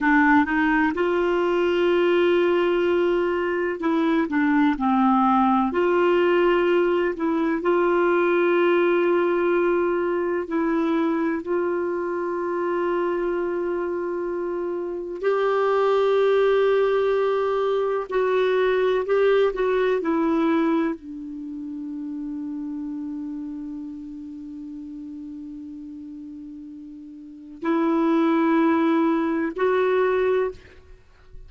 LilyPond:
\new Staff \with { instrumentName = "clarinet" } { \time 4/4 \tempo 4 = 63 d'8 dis'8 f'2. | e'8 d'8 c'4 f'4. e'8 | f'2. e'4 | f'1 |
g'2. fis'4 | g'8 fis'8 e'4 d'2~ | d'1~ | d'4 e'2 fis'4 | }